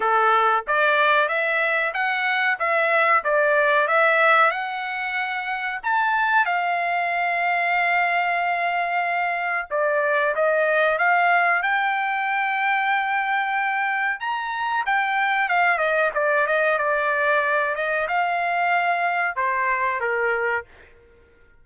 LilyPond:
\new Staff \with { instrumentName = "trumpet" } { \time 4/4 \tempo 4 = 93 a'4 d''4 e''4 fis''4 | e''4 d''4 e''4 fis''4~ | fis''4 a''4 f''2~ | f''2. d''4 |
dis''4 f''4 g''2~ | g''2 ais''4 g''4 | f''8 dis''8 d''8 dis''8 d''4. dis''8 | f''2 c''4 ais'4 | }